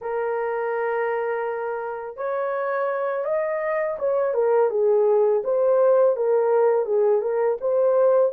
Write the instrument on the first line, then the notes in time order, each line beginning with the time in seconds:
horn
0.01 A#4
2.16 C#5
3.24 D#5
3.99 C#5
4.34 A#4
4.70 G#4
5.43 C5
6.16 A#4
6.85 G#4
7.21 A#4
7.61 C5